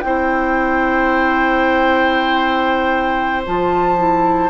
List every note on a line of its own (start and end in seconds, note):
0.00 3.46 C4
0.00 3.46 E4
0.00 3.42 G5
0.06 4.50 C5
3.46 4.50 F3
3.46 3.98 F4
3.46 4.50 A5
3.98 4.50 E4